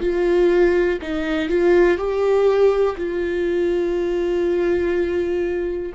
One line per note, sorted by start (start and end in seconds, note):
0.00 0.98 F4
1.01 1.48 D#4
1.48 1.97 F4
1.97 2.96 G4
2.97 5.92 F4